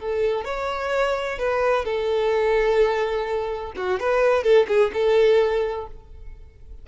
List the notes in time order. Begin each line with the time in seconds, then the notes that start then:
0.00 A4
0.45 C#5
1.39 B4
1.85 A4
3.77 F#4
4.00 B4
4.43 A4
4.68 G#4
4.93 A4